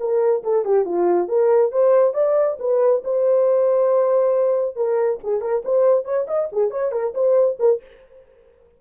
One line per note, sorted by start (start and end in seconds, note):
0.00 0.43 A#4
0.44 0.65 A4
0.65 0.85 G4
0.85 1.29 F4
1.29 1.72 A#4
1.72 2.14 C5
2.14 2.58 D5
2.60 3.03 B4
3.05 4.76 C5
4.76 5.20 A#4
5.24 5.41 G#4
5.41 5.63 A#4
5.65 6.05 C5
6.05 6.27 C#5
6.28 6.49 D#5
6.52 6.71 G#4
6.71 6.92 C#5
6.92 7.14 A#4
7.15 7.58 C5
7.60 7.81 A#4